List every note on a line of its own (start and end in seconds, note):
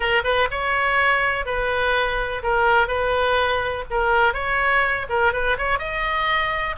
0.00 0.22 A#4
0.24 0.48 B4
0.50 1.45 C#5
1.45 2.42 B4
2.43 2.87 A#4
2.87 3.84 B4
3.90 4.33 A#4
4.33 5.06 C#5
5.09 5.32 A#4
5.32 5.57 B4
5.58 5.78 C#5
5.78 6.75 D#5